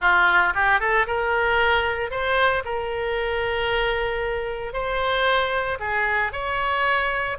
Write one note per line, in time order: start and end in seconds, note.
0.01 0.53 F4
0.54 0.80 G4
0.80 1.06 A4
1.06 2.10 A#4
2.10 2.63 C5
2.64 4.73 A#4
4.73 5.78 C5
5.79 6.32 G#4
6.32 7.37 C#5